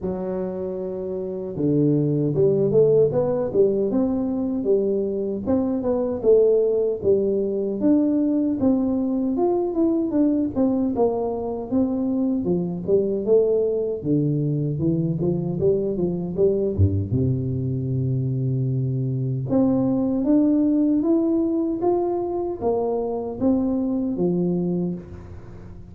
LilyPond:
\new Staff \with { instrumentName = "tuba" } { \time 4/4 \tempo 4 = 77 fis2 d4 g8 a8 | b8 g8 c'4 g4 c'8 b8 | a4 g4 d'4 c'4 | f'8 e'8 d'8 c'8 ais4 c'4 |
f8 g8 a4 d4 e8 f8 | g8 f8 g8 g,8 c2~ | c4 c'4 d'4 e'4 | f'4 ais4 c'4 f4 | }